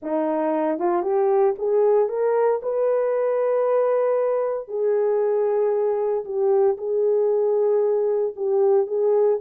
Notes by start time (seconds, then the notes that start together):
0.02 D#4
0.78 F4
1.02 G4
1.58 G#4
2.08 A#4
2.62 B4
4.68 G#4
6.24 G4
6.77 G#4
8.35 G4
8.86 G#4